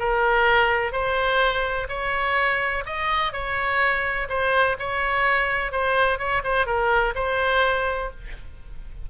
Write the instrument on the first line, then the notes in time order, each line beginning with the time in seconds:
oboe
0.00 A#4
0.93 C5
1.89 C#5
2.87 D#5
3.33 C#5
4.30 C5
4.80 C#5
5.72 C5
6.19 C#5
6.44 C5
6.67 A#4
7.15 C5